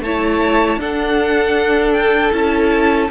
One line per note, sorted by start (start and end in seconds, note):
0.00 0.77 A3
0.00 0.81 E4
0.00 0.79 C#5
0.00 0.79 A5
0.77 2.30 D4
0.77 2.32 D4
0.77 3.10 A4
0.77 1.93 F#5
1.93 2.32 G5
2.32 3.10 C#4
2.32 3.09 E4
2.32 3.10 A5